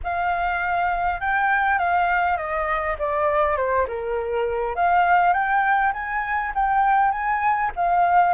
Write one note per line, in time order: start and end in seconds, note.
0.03 1.20 F5
1.20 1.78 G5
1.78 2.37 F5
2.37 2.96 D#5
2.99 3.56 D5
3.56 3.86 C5
3.87 4.75 A#4
4.75 5.33 F5
5.33 5.92 G5
5.93 6.52 G#5
6.54 7.11 G5
7.11 7.71 G#5
7.76 8.34 F5